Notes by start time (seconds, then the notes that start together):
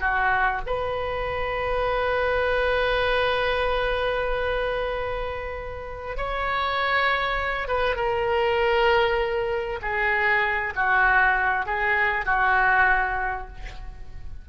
0.00 F#4
0.66 B4
6.17 C#5
7.68 B4
7.95 A#4
9.82 G#4
10.75 F#4
11.65 G#4
12.25 F#4